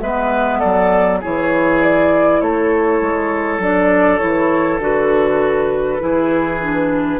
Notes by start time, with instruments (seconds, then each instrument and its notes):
0.00 bassoon G#3, clarinet B3, oboe B4, flute E5
0.59 bassoon F#3, oboe A4, flute D5
1.21 bassoon E3, clarinet E4, oboe G#4, flute C#5
1.81 flute D5
2.41 bassoon A3, oboe A4, flute C#5
3.01 bassoon G#3
3.58 bassoon F#3, clarinet D4, flute D5
4.19 bassoon E3, clarinet E4, flute C#5
4.79 bassoon D3, clarinet F#4, flute B4
5.99 bassoon E3, clarinet E4, oboe G#4
6.61 clarinet D4